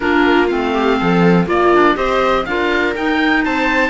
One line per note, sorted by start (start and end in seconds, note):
0.00 0.51 A#3
0.00 0.47 D4
0.00 0.73 F4
0.00 0.47 A#4
0.47 1.00 A3
0.47 1.47 C4
0.47 1.46 F5
0.73 0.98 G4
0.99 1.46 F3
0.99 1.46 A4
1.46 1.95 A#3
1.46 1.73 A#3
1.46 1.95 F4
1.46 1.96 D5
1.73 1.95 D4
1.95 2.45 C4
1.95 2.44 G4
1.95 2.46 C5
1.95 2.45 D#5
2.45 2.95 D4
2.45 2.95 F4
2.45 3.45 A#4
2.45 2.94 F5
2.95 3.89 D#4
2.95 3.45 D#4
2.95 3.44 G5
3.44 3.89 C4
3.44 3.89 C5
3.44 3.89 A5